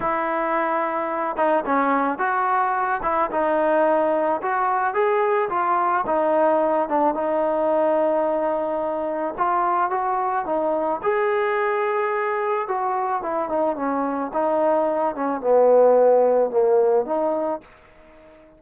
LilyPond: \new Staff \with { instrumentName = "trombone" } { \time 4/4 \tempo 4 = 109 e'2~ e'8 dis'8 cis'4 | fis'4. e'8 dis'2 | fis'4 gis'4 f'4 dis'4~ | dis'8 d'8 dis'2.~ |
dis'4 f'4 fis'4 dis'4 | gis'2. fis'4 | e'8 dis'8 cis'4 dis'4. cis'8 | b2 ais4 dis'4 | }